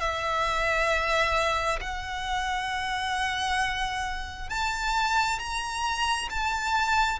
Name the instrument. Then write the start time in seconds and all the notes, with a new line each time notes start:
violin
0.00 E5
1.80 F#5
4.49 A5
5.39 A#5
6.29 A5